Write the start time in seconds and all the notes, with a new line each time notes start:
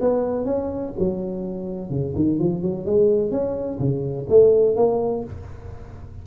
0.00 B3
0.45 C#4
0.98 F#3
1.90 C#3
2.16 D#3
2.39 F3
2.62 F#3
2.85 G#3
3.31 C#4
3.79 C#3
4.29 A3
4.76 A#3